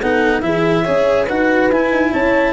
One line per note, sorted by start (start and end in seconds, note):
0.00 0.43 B3
0.00 0.42 D#4
0.00 0.42 A4
0.00 0.41 F#5
0.41 0.85 E3
0.41 0.85 E4
0.41 0.83 G#4
0.41 1.26 E5
0.83 1.30 C#4
0.83 1.27 G#4
0.83 1.25 C#5
1.25 1.71 D#4
1.25 1.72 F#4
1.25 2.10 B4
1.25 1.70 F#5
1.71 1.91 E4
1.71 2.53 E4
1.71 2.13 G#5
1.91 2.12 D#4
2.12 2.53 C#4
2.12 2.53 C#5
2.12 2.53 A5